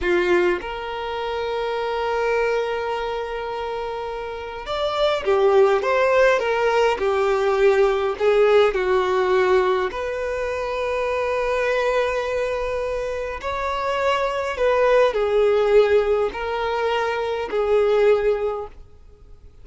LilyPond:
\new Staff \with { instrumentName = "violin" } { \time 4/4 \tempo 4 = 103 f'4 ais'2.~ | ais'1 | d''4 g'4 c''4 ais'4 | g'2 gis'4 fis'4~ |
fis'4 b'2.~ | b'2. cis''4~ | cis''4 b'4 gis'2 | ais'2 gis'2 | }